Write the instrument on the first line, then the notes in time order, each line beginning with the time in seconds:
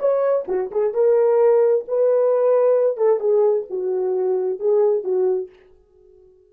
horn
0.00 C#5
0.48 F#4
0.72 G#4
0.94 A#4
1.88 B4
2.98 A4
3.20 G#4
3.70 F#4
4.60 G#4
5.04 F#4